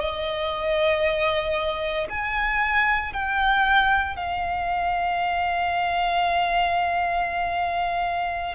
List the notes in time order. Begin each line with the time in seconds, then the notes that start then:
0.00 D#5
2.09 G#5
3.13 G5
4.16 F5